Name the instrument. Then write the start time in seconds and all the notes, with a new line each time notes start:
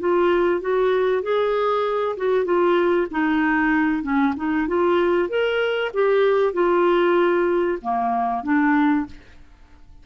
clarinet
0.00 F4
0.61 F#4
1.23 G#4
2.17 F#4
2.45 F4
3.11 D#4
4.03 C#4
4.37 D#4
4.68 F4
5.29 A#4
5.94 G4
6.54 F4
7.82 A#3
8.44 D4